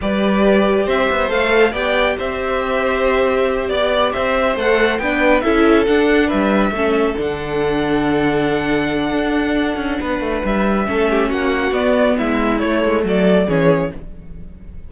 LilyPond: <<
  \new Staff \with { instrumentName = "violin" } { \time 4/4 \tempo 4 = 138 d''2 e''4 f''4 | g''4 e''2.~ | e''8 d''4 e''4 fis''4 g''8~ | g''8 e''4 fis''4 e''4.~ |
e''8 fis''2.~ fis''8~ | fis''1 | e''2 fis''4 d''4 | e''4 cis''4 d''4 cis''4 | }
  \new Staff \with { instrumentName = "violin" } { \time 4/4 b'2 c''2 | d''4 c''2.~ | c''8 d''4 c''2 b'8~ | b'8 a'2 b'4 a'8~ |
a'1~ | a'2. b'4~ | b'4 a'8 g'8 fis'2 | e'2 a'4 gis'4 | }
  \new Staff \with { instrumentName = "viola" } { \time 4/4 g'2. a'4 | g'1~ | g'2~ g'8 a'4 d'8~ | d'8 e'4 d'2 cis'8~ |
cis'8 d'2.~ d'8~ | d'1~ | d'4 cis'2 b4~ | b4 a2 cis'4 | }
  \new Staff \with { instrumentName = "cello" } { \time 4/4 g2 c'8 b8 a4 | b4 c'2.~ | c'8 b4 c'4 a4 b8~ | b8 cis'4 d'4 g4 a8~ |
a8 d2.~ d8~ | d4 d'4. cis'8 b8 a8 | g4 a4 ais4 b4 | gis4 a8 gis8 fis4 e4 | }
>>